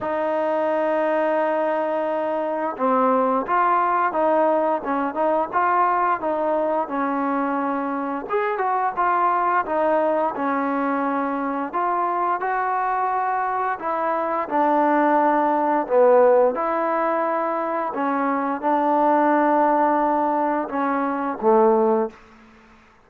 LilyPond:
\new Staff \with { instrumentName = "trombone" } { \time 4/4 \tempo 4 = 87 dis'1 | c'4 f'4 dis'4 cis'8 dis'8 | f'4 dis'4 cis'2 | gis'8 fis'8 f'4 dis'4 cis'4~ |
cis'4 f'4 fis'2 | e'4 d'2 b4 | e'2 cis'4 d'4~ | d'2 cis'4 a4 | }